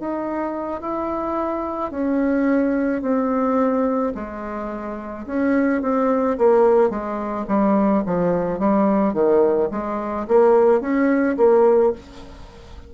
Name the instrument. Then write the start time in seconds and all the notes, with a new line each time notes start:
bassoon
0.00 D#4
0.81 E4
1.91 C#4
3.02 C4
4.15 G#3
5.26 C#4
5.82 C4
6.38 A#3
6.90 G#3
7.48 G3
8.06 F3
8.59 G3
9.13 D#3
9.71 G#3
10.28 A#3
10.80 C#4
11.37 A#3